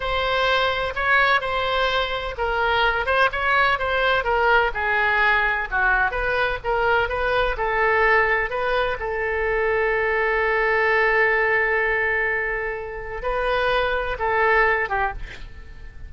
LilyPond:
\new Staff \with { instrumentName = "oboe" } { \time 4/4 \tempo 4 = 127 c''2 cis''4 c''4~ | c''4 ais'4. c''8 cis''4 | c''4 ais'4 gis'2 | fis'4 b'4 ais'4 b'4 |
a'2 b'4 a'4~ | a'1~ | a'1 | b'2 a'4. g'8 | }